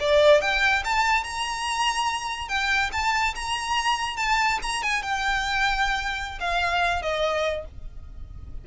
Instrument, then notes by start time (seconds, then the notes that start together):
violin
0.00 D5
0.41 G5
0.84 A5
1.23 A#5
2.48 G5
2.92 A5
3.35 A#5
4.17 A5
4.62 A#5
4.83 G#5
5.02 G5
6.40 F5
7.02 D#5